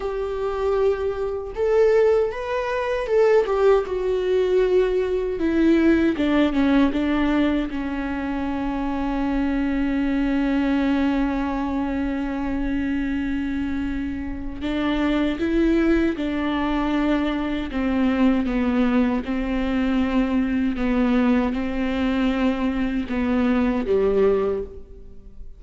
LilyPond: \new Staff \with { instrumentName = "viola" } { \time 4/4 \tempo 4 = 78 g'2 a'4 b'4 | a'8 g'8 fis'2 e'4 | d'8 cis'8 d'4 cis'2~ | cis'1~ |
cis'2. d'4 | e'4 d'2 c'4 | b4 c'2 b4 | c'2 b4 g4 | }